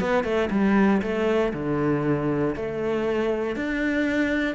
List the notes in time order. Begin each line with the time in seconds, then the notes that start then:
0.00 B3
0.24 A3
0.50 G3
1.02 A3
1.53 D3
2.55 A3
3.56 D4